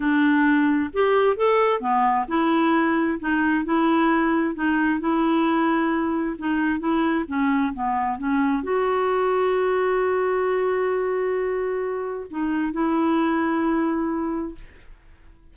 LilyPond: \new Staff \with { instrumentName = "clarinet" } { \time 4/4 \tempo 4 = 132 d'2 g'4 a'4 | b4 e'2 dis'4 | e'2 dis'4 e'4~ | e'2 dis'4 e'4 |
cis'4 b4 cis'4 fis'4~ | fis'1~ | fis'2. dis'4 | e'1 | }